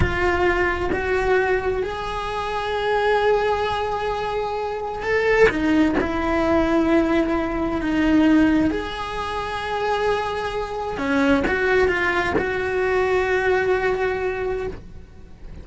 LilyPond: \new Staff \with { instrumentName = "cello" } { \time 4/4 \tempo 4 = 131 f'2 fis'2 | gis'1~ | gis'2. a'4 | dis'4 e'2.~ |
e'4 dis'2 gis'4~ | gis'1 | cis'4 fis'4 f'4 fis'4~ | fis'1 | }